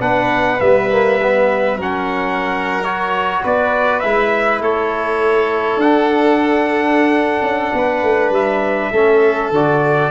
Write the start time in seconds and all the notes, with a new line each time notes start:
0.00 B3 D4 B4 F#5
0.60 G3 B3 E5
0.90 A#3
1.22 B3
1.77 F#3 C#4 A#4 F#5
2.84 F#4 C#5
3.44 B3 B4 D5
4.00 G#3 E4 E5
4.61 A3 A4 C#5
5.77 D4 F#5
5.83 D4
7.42 C#4
7.74 B3 B4
8.03 A3
8.30 G3 E5
8.92 A3 C#4 A4
9.51 D3 F#4 D5